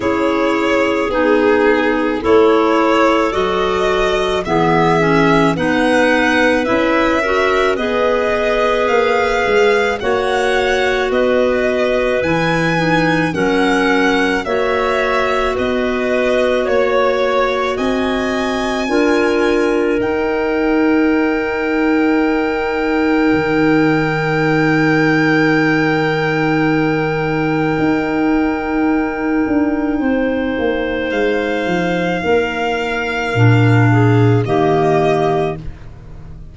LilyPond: <<
  \new Staff \with { instrumentName = "violin" } { \time 4/4 \tempo 4 = 54 cis''4 gis'4 cis''4 dis''4 | e''4 fis''4 e''4 dis''4 | f''4 fis''4 dis''4 gis''4 | fis''4 e''4 dis''4 cis''4 |
gis''2 g''2~ | g''1~ | g''1 | f''2. dis''4 | }
  \new Staff \with { instrumentName = "clarinet" } { \time 4/4 gis'2 a'2 | gis'4 b'4. ais'8 b'4~ | b'4 cis''4 b'2 | ais'4 cis''4 b'4 cis''4 |
dis''4 ais'2.~ | ais'1~ | ais'2. c''4~ | c''4 ais'4. gis'8 g'4 | }
  \new Staff \with { instrumentName = "clarinet" } { \time 4/4 e'4 dis'4 e'4 fis'4 | b8 cis'8 dis'4 e'8 fis'8 gis'4~ | gis'4 fis'2 e'8 dis'8 | cis'4 fis'2.~ |
fis'4 f'4 dis'2~ | dis'1~ | dis'1~ | dis'2 d'4 ais4 | }
  \new Staff \with { instrumentName = "tuba" } { \time 4/4 cis'4 b4 a4 fis4 | e4 b4 cis'4 b4 | ais8 gis8 ais4 b4 e4 | fis4 ais4 b4 ais4 |
c'4 d'4 dis'2~ | dis'4 dis2.~ | dis4 dis'4. d'8 c'8 ais8 | gis8 f8 ais4 ais,4 dis4 | }
>>